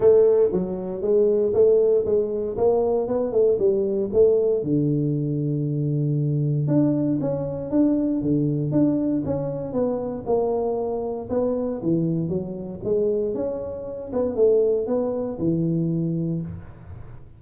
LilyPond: \new Staff \with { instrumentName = "tuba" } { \time 4/4 \tempo 4 = 117 a4 fis4 gis4 a4 | gis4 ais4 b8 a8 g4 | a4 d2.~ | d4 d'4 cis'4 d'4 |
d4 d'4 cis'4 b4 | ais2 b4 e4 | fis4 gis4 cis'4. b8 | a4 b4 e2 | }